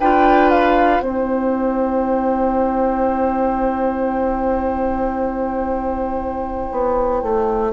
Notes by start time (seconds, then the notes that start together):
0.00 D4 F4 B4 G5
0.50 F5
1.01 C4 E4 C5 G5
6.72 B3
7.23 A3